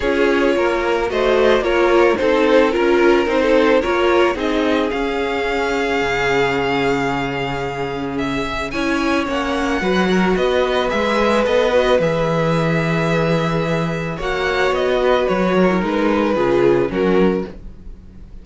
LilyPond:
<<
  \new Staff \with { instrumentName = "violin" } { \time 4/4 \tempo 4 = 110 cis''2 dis''4 cis''4 | c''4 ais'4 c''4 cis''4 | dis''4 f''2.~ | f''2. e''4 |
gis''4 fis''2 dis''4 | e''4 dis''4 e''2~ | e''2 fis''4 dis''4 | cis''4 b'2 ais'4 | }
  \new Staff \with { instrumentName = "violin" } { \time 4/4 gis'4 ais'4 c''4 ais'4 | a'4 ais'4~ ais'16 a'8. ais'4 | gis'1~ | gis'1 |
cis''2 b'8 ais'8 b'4~ | b'1~ | b'2 cis''4. b'8~ | b'8 ais'4. gis'4 fis'4 | }
  \new Staff \with { instrumentName = "viola" } { \time 4/4 f'2 fis'4 f'4 | dis'4 f'4 dis'4 f'4 | dis'4 cis'2.~ | cis'1 |
e'4 cis'4 fis'2 | gis'4 a'8 fis'8 gis'2~ | gis'2 fis'2~ | fis'8. e'16 dis'4 f'4 cis'4 | }
  \new Staff \with { instrumentName = "cello" } { \time 4/4 cis'4 ais4 a4 ais4 | c'4 cis'4 c'4 ais4 | c'4 cis'2 cis4~ | cis1 |
cis'4 ais4 fis4 b4 | gis4 b4 e2~ | e2 ais4 b4 | fis4 gis4 cis4 fis4 | }
>>